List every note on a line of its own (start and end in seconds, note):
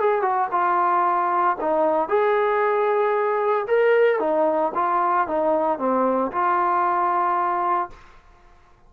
0.00 0.22 G#4
0.22 0.48 F#4
0.52 1.57 F4
1.61 2.09 D#4
2.09 3.67 G#4
3.67 4.20 A#4
4.20 4.72 D#4
4.75 5.28 F4
5.28 5.79 D#4
5.79 6.32 C4
6.32 7.90 F4